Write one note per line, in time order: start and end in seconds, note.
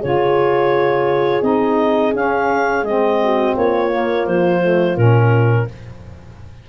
0.00 1.42 C#3
0.00 1.42 F4
0.00 3.18 G#4
0.00 1.43 C#5
1.42 2.13 C4
1.42 2.12 D#4
1.42 2.14 D#5
2.13 2.83 C#4
2.13 2.85 C#4
2.13 2.85 F5
2.83 3.54 G#3
2.83 3.91 C4
2.83 3.56 D#5
3.24 3.57 F#4
3.56 4.27 A#3
3.56 5.69 F4
3.56 4.27 C#5
3.91 4.61 A#3
4.27 4.97 F3
4.27 4.97 C5
4.61 4.96 A3
4.97 5.68 A#2
4.97 5.68 C#4
4.97 5.68 A#4